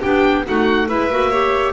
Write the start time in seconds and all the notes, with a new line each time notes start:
0.00 B3 D4 G4 G5
0.45 A3 D#4 F#4 F#5
0.88 G#3 E4 B4 E5
1.10 A#3 F#4
1.30 G4 C#5